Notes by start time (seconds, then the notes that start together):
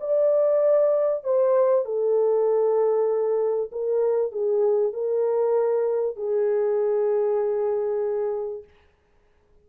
0.00 D5
1.24 C5
1.85 A4
3.72 A#4
4.32 G#4
4.93 A#4
6.16 G#4